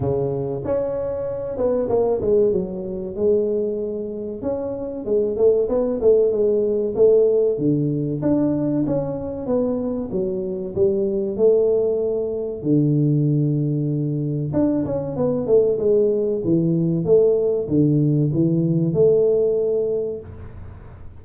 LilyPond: \new Staff \with { instrumentName = "tuba" } { \time 4/4 \tempo 4 = 95 cis4 cis'4. b8 ais8 gis8 | fis4 gis2 cis'4 | gis8 a8 b8 a8 gis4 a4 | d4 d'4 cis'4 b4 |
fis4 g4 a2 | d2. d'8 cis'8 | b8 a8 gis4 e4 a4 | d4 e4 a2 | }